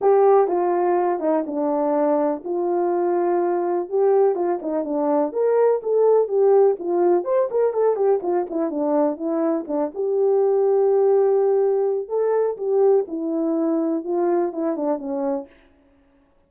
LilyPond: \new Staff \with { instrumentName = "horn" } { \time 4/4 \tempo 4 = 124 g'4 f'4. dis'8 d'4~ | d'4 f'2. | g'4 f'8 dis'8 d'4 ais'4 | a'4 g'4 f'4 c''8 ais'8 |
a'8 g'8 f'8 e'8 d'4 e'4 | d'8 g'2.~ g'8~ | g'4 a'4 g'4 e'4~ | e'4 f'4 e'8 d'8 cis'4 | }